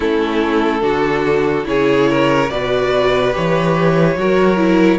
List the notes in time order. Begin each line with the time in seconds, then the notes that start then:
0.00 A3 C#4 E4 A4
0.81 D3 D4 F#4
1.63 C#3 E4 G#4 C#5
2.09 A#4
2.49 B2 F#4 B4 D5
3.33 E3 G4 C#5
4.16 F#3 F#4 A#4
4.57 E4